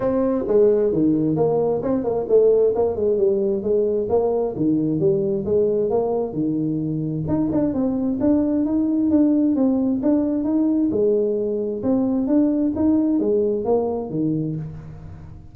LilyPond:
\new Staff \with { instrumentName = "tuba" } { \time 4/4 \tempo 4 = 132 c'4 gis4 dis4 ais4 | c'8 ais8 a4 ais8 gis8 g4 | gis4 ais4 dis4 g4 | gis4 ais4 dis2 |
dis'8 d'8 c'4 d'4 dis'4 | d'4 c'4 d'4 dis'4 | gis2 c'4 d'4 | dis'4 gis4 ais4 dis4 | }